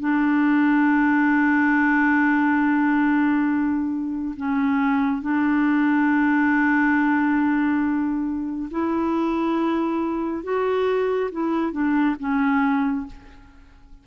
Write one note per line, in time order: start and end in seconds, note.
0.00 4.35 D4
4.37 5.22 C#4
5.22 8.70 D4
8.71 10.43 E4
10.43 11.30 F#4
11.32 11.72 E4
11.72 12.16 D4
12.20 13.07 C#4